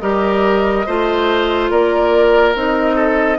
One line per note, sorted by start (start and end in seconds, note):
0.00 0.86 G3
0.00 0.86 G4
0.00 0.86 A#4
0.00 1.69 D#5
0.86 1.71 A3
0.86 2.55 F4
0.86 1.71 C5
1.70 2.55 A#3
1.70 2.96 A#4
1.70 2.55 D5
2.55 3.39 C4
2.55 3.39 D#4
2.55 3.39 D#5
2.96 3.38 A4